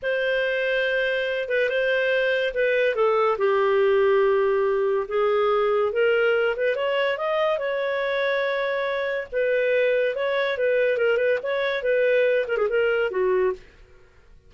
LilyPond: \new Staff \with { instrumentName = "clarinet" } { \time 4/4 \tempo 4 = 142 c''2.~ c''8 b'8 | c''2 b'4 a'4 | g'1 | gis'2 ais'4. b'8 |
cis''4 dis''4 cis''2~ | cis''2 b'2 | cis''4 b'4 ais'8 b'8 cis''4 | b'4. ais'16 gis'16 ais'4 fis'4 | }